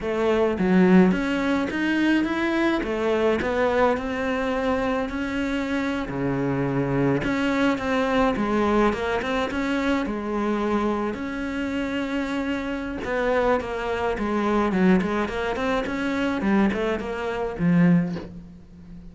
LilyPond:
\new Staff \with { instrumentName = "cello" } { \time 4/4 \tempo 4 = 106 a4 fis4 cis'4 dis'4 | e'4 a4 b4 c'4~ | c'4 cis'4.~ cis'16 cis4~ cis16~ | cis8. cis'4 c'4 gis4 ais16~ |
ais16 c'8 cis'4 gis2 cis'16~ | cis'2. b4 | ais4 gis4 fis8 gis8 ais8 c'8 | cis'4 g8 a8 ais4 f4 | }